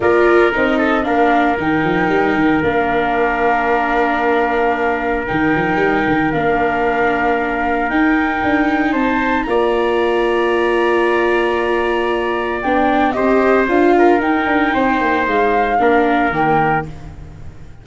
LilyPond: <<
  \new Staff \with { instrumentName = "flute" } { \time 4/4 \tempo 4 = 114 d''4 dis''4 f''4 g''4~ | g''4 f''2.~ | f''2 g''2 | f''2. g''4~ |
g''4 a''4 ais''2~ | ais''1 | g''4 dis''4 f''4 g''4~ | g''4 f''2 g''4 | }
  \new Staff \with { instrumentName = "trumpet" } { \time 4/4 ais'4. a'8 ais'2~ | ais'1~ | ais'1~ | ais'1~ |
ais'4 c''4 d''2~ | d''1~ | d''4 c''4. ais'4. | c''2 ais'2 | }
  \new Staff \with { instrumentName = "viola" } { \time 4/4 f'4 dis'4 d'4 dis'4~ | dis'4 d'2.~ | d'2 dis'2 | d'2. dis'4~ |
dis'2 f'2~ | f'1 | d'4 g'4 f'4 dis'4~ | dis'2 d'4 ais4 | }
  \new Staff \with { instrumentName = "tuba" } { \time 4/4 ais4 c'4 ais4 dis8 f8 | g8 dis8 ais2.~ | ais2 dis8 f8 g8 dis8 | ais2. dis'4 |
d'4 c'4 ais2~ | ais1 | b4 c'4 d'4 dis'8 d'8 | c'8 ais8 gis4 ais4 dis4 | }
>>